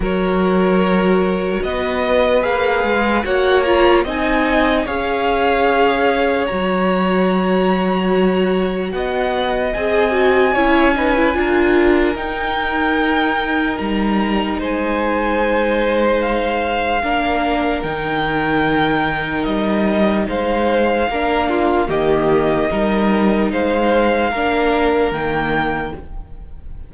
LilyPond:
<<
  \new Staff \with { instrumentName = "violin" } { \time 4/4 \tempo 4 = 74 cis''2 dis''4 f''4 | fis''8 ais''8 gis''4 f''2 | ais''2. fis''4 | gis''2. g''4~ |
g''4 ais''4 gis''2 | f''2 g''2 | dis''4 f''2 dis''4~ | dis''4 f''2 g''4 | }
  \new Staff \with { instrumentName = "violin" } { \time 4/4 ais'2 b'2 | cis''4 dis''4 cis''2~ | cis''2. dis''4~ | dis''4 cis''8 b'8 ais'2~ |
ais'2 c''2~ | c''4 ais'2.~ | ais'4 c''4 ais'8 f'8 g'4 | ais'4 c''4 ais'2 | }
  \new Staff \with { instrumentName = "viola" } { \time 4/4 fis'2. gis'4 | fis'8 f'8 dis'4 gis'2 | fis'1 | gis'8 fis'8 e'8 dis'16 e'16 f'4 dis'4~ |
dis'1~ | dis'4 d'4 dis'2~ | dis'2 d'4 ais4 | dis'2 d'4 ais4 | }
  \new Staff \with { instrumentName = "cello" } { \time 4/4 fis2 b4 ais8 gis8 | ais4 c'4 cis'2 | fis2. b4 | c'4 cis'4 d'4 dis'4~ |
dis'4 g4 gis2~ | gis4 ais4 dis2 | g4 gis4 ais4 dis4 | g4 gis4 ais4 dis4 | }
>>